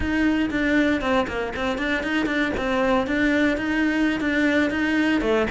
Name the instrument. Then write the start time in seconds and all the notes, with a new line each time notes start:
cello
0.00 D#4
0.50 D4
1.01 C4
1.27 A#3
1.55 C4
1.78 D4
2.03 D#4
2.26 D4
2.57 C4
3.06 D4
3.57 D#4
4.20 D4
4.70 D#4
5.21 A3